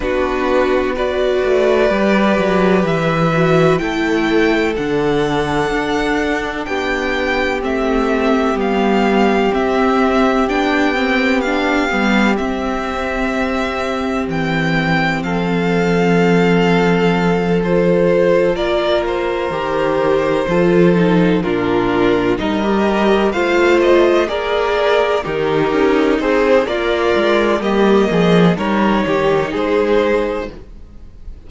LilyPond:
<<
  \new Staff \with { instrumentName = "violin" } { \time 4/4 \tempo 4 = 63 b'4 d''2 e''4 | g''4 fis''2 g''4 | e''4 f''4 e''4 g''4 | f''4 e''2 g''4 |
f''2~ f''8 c''4 d''8 | c''2~ c''8 ais'4 dis''8~ | dis''8 f''8 dis''8 d''4 ais'4 c''8 | d''4 dis''4 cis''4 c''4 | }
  \new Staff \with { instrumentName = "violin" } { \time 4/4 fis'4 b'2. | a'2. g'4~ | g'1~ | g'1 |
a'2.~ a'8 ais'8~ | ais'4. a'4 f'4 ais'8~ | ais'8 c''4 ais'4 dis'4. | f'4 g'8 gis'8 ais'8 g'8 gis'4 | }
  \new Staff \with { instrumentName = "viola" } { \time 4/4 d'4 fis'4 g'4. fis'8 | e'4 d'2. | c'4 b4 c'4 d'8 c'8 | d'8 b8 c'2.~ |
c'2~ c'8 f'4.~ | f'8 g'4 f'8 dis'8 d'4 dis'16 g'16~ | g'8 f'4 gis'4 g'4 gis'8 | ais'4 ais4 dis'2 | }
  \new Staff \with { instrumentName = "cello" } { \time 4/4 b4. a8 g8 fis8 e4 | a4 d4 d'4 b4 | a4 g4 c'4 b4~ | b8 g8 c'2 e4 |
f2.~ f8 ais8~ | ais8 dis4 f4 ais,4 g8~ | g8 a4 ais4 dis8 cis'8 c'8 | ais8 gis8 g8 f8 g8 dis8 gis4 | }
>>